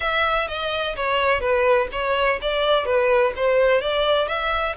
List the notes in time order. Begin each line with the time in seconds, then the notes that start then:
0.00 E5
0.48 D#5
0.95 C#5
1.40 B4
1.92 C#5
2.41 D5
2.85 B4
3.35 C5
3.81 D5
4.28 E5